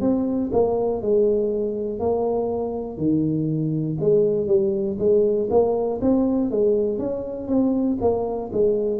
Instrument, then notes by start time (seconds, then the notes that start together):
tuba
0.00 C4
0.52 A#3
1.01 G#3
1.99 A#3
2.97 D#3
4.00 G#3
4.47 G3
4.98 G#3
5.50 A#3
6.01 C4
6.50 G#3
6.98 C#4
7.47 C4
8.00 A#3
8.52 G#3